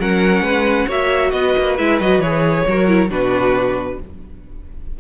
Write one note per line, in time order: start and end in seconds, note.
0.00 0.41 F#3
0.00 0.89 C#4
0.00 0.43 A#4
0.00 0.90 F#5
0.41 0.86 G#3
0.41 0.87 B4
0.87 1.32 A#3
0.87 1.78 F#4
0.87 1.31 C#5
0.87 1.31 E5
1.31 1.55 B3
1.31 2.67 B4
1.31 1.76 D#5
1.58 1.79 A#3
1.78 2.01 G#3
1.78 2.01 E4
1.78 2.00 E5
2.01 2.19 F#3
2.01 2.22 F#4
2.01 2.21 D#5
2.19 2.64 E3
2.19 2.67 G#4
2.19 3.10 C#5
2.68 3.10 F#3
2.68 2.88 F#4
2.68 3.10 A#4
2.88 3.10 E4
3.10 3.99 B2
3.10 3.98 D4
3.10 3.99 F#4
3.10 4.00 B4